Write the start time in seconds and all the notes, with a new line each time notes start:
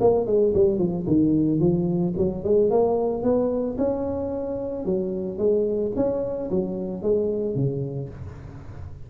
0.00 A#3
0.26 G#3
0.54 G3
0.78 F3
1.07 D#3
1.60 F3
2.17 F#3
2.44 G#3
2.70 A#3
3.23 B3
3.78 C#4
4.85 F#3
5.38 G#3
5.96 C#4
6.50 F#3
7.02 G#3
7.55 C#3